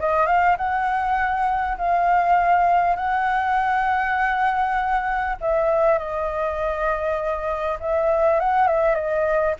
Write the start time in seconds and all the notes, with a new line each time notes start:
0.00 D#5
0.27 F5
0.58 F#5
1.78 F5
2.97 F#5
5.41 E5
5.99 D#5
7.81 E5
8.41 F#5
8.68 E5
8.95 D#5